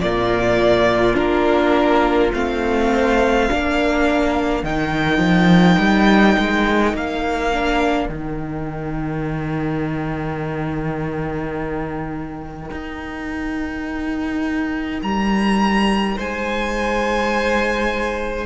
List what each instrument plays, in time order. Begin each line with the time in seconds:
0.00 cello A#2, viola A#3, violin F4 D5
1.14 cello A#3, viola D4, violin A#4
2.33 cello A3, viola C4, violin F5
2.93 violin C5
3.49 cello A#3, viola D4, violin A#4
4.63 cello D#3, viola D#4, violin G5
5.18 cello F3
5.78 cello G3
6.37 cello G#3
6.93 cello A#3, violin F5
7.51 viola D4
8.07 cello D#3, viola D#4, violin G5
12.71 cello D#4
15.02 cello G3, violin A#5
16.16 cello G#3, violin C5 G#5